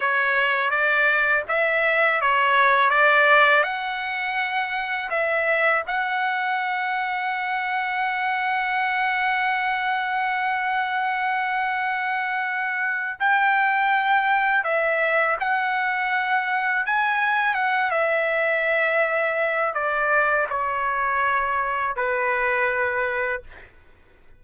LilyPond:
\new Staff \with { instrumentName = "trumpet" } { \time 4/4 \tempo 4 = 82 cis''4 d''4 e''4 cis''4 | d''4 fis''2 e''4 | fis''1~ | fis''1~ |
fis''2 g''2 | e''4 fis''2 gis''4 | fis''8 e''2~ e''8 d''4 | cis''2 b'2 | }